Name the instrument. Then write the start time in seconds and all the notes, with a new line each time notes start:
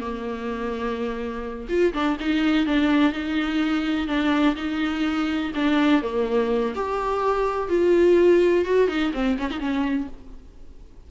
viola
0.00 A#3
1.69 F4
1.94 D4
2.20 D#4
2.66 D4
3.13 D#4
4.07 D4
4.56 D#4
5.55 D4
6.02 A#3
6.75 G4
7.69 F4
8.65 F#4
8.88 D#4
9.14 C4
9.39 C#4
9.51 D#4
9.59 C#4